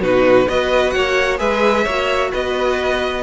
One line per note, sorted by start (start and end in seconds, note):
0.00 0.46 B2
0.00 0.48 D#4
0.00 0.48 F#4
0.00 0.49 B4
0.48 0.95 B3
0.48 1.38 F#4
0.48 0.95 B4
0.48 0.91 D#5
0.91 1.40 A#3
0.91 1.39 C#5
0.91 1.37 F#5
1.38 1.86 G#3
1.38 1.85 G#4
1.38 1.84 B4
1.38 2.32 E5
1.84 2.33 A#3
1.84 3.23 F#4
1.84 2.31 C#5
2.31 3.23 B3
2.31 3.23 B4
2.31 3.23 D#5